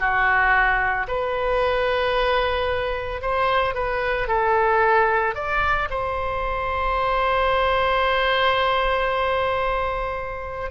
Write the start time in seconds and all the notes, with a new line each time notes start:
0.00 F#4
1.08 B4
3.22 C5
3.75 B4
4.28 A4
5.35 D5
5.90 C5